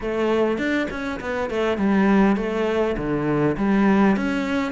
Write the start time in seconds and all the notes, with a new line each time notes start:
0.00 A3
0.58 D4
0.90 C#4
1.20 B3
1.50 A3
1.77 G3
2.36 A3
2.97 D3
3.57 G3
4.16 C#4